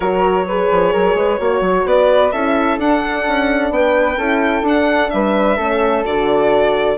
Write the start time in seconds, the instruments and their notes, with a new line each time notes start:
0.00 bassoon F#3, horn F#4, flute A#4, violin C#5
0.47 horn G#4, flute B4
0.70 bassoon F3
0.92 bassoon F#3, flute A#4
1.14 bassoon G#3, flute B4
1.39 bassoon A#3, horn F#4, flute C#5
1.60 bassoon F#3
1.85 bassoon B3, flute B4, violin D5
2.31 bassoon C#4, horn E4, flute A4, violin E5
2.78 bassoon D4, horn D4, violin F#5
3.27 bassoon C#4
3.70 bassoon B3, flute B4, violin G5
4.17 bassoon C#4, horn E4, flute A4
4.61 bassoon D4, horn D4, violin F#5
5.10 bassoon G3, flute B4, violin E5
5.56 bassoon A3, horn C#4, flute A4
6.04 bassoon D3, horn F#4, violin D5